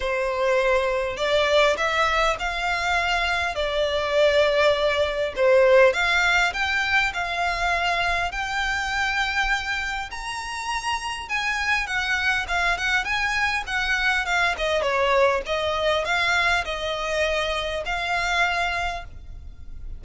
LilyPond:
\new Staff \with { instrumentName = "violin" } { \time 4/4 \tempo 4 = 101 c''2 d''4 e''4 | f''2 d''2~ | d''4 c''4 f''4 g''4 | f''2 g''2~ |
g''4 ais''2 gis''4 | fis''4 f''8 fis''8 gis''4 fis''4 | f''8 dis''8 cis''4 dis''4 f''4 | dis''2 f''2 | }